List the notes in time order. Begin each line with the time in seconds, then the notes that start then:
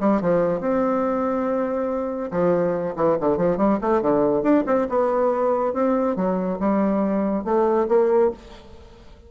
0.00 G3
0.21 F3
0.61 C4
2.31 F3
2.96 E3
3.21 D3
3.37 F3
3.57 G3
3.81 A3
4.02 D3
4.43 D4
4.67 C4
4.89 B3
5.74 C4
6.16 F#3
6.60 G3
7.44 A3
7.89 A#3